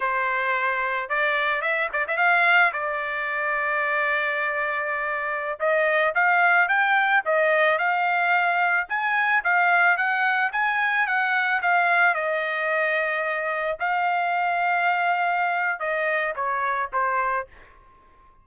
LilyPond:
\new Staff \with { instrumentName = "trumpet" } { \time 4/4 \tempo 4 = 110 c''2 d''4 e''8 d''16 e''16 | f''4 d''2.~ | d''2~ d''16 dis''4 f''8.~ | f''16 g''4 dis''4 f''4.~ f''16~ |
f''16 gis''4 f''4 fis''4 gis''8.~ | gis''16 fis''4 f''4 dis''4.~ dis''16~ | dis''4~ dis''16 f''2~ f''8.~ | f''4 dis''4 cis''4 c''4 | }